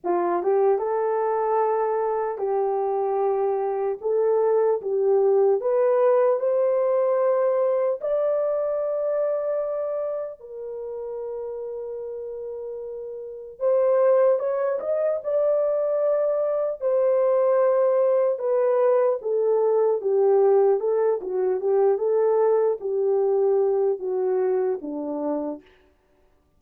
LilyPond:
\new Staff \with { instrumentName = "horn" } { \time 4/4 \tempo 4 = 75 f'8 g'8 a'2 g'4~ | g'4 a'4 g'4 b'4 | c''2 d''2~ | d''4 ais'2.~ |
ais'4 c''4 cis''8 dis''8 d''4~ | d''4 c''2 b'4 | a'4 g'4 a'8 fis'8 g'8 a'8~ | a'8 g'4. fis'4 d'4 | }